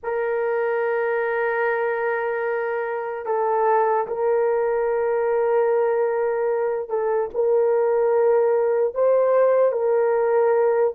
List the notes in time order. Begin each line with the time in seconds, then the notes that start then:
0.03 A#4
3.25 A4
4.07 A#4
6.89 A4
7.34 A#4
8.94 C5
9.71 A#4